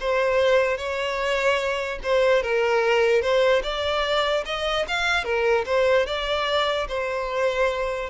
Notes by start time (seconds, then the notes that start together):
0.00 C5
0.77 C#5
2.03 C5
2.43 A#4
3.21 C5
3.63 D5
4.45 D#5
4.88 F5
5.24 A#4
5.66 C5
6.06 D5
6.88 C5